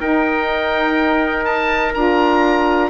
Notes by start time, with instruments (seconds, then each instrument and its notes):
0.00 bassoon D#4, saxophone D#4, trumpet A#4, oboe G5
1.45 oboe A5
1.94 bassoon D4, saxophone F4, oboe A#5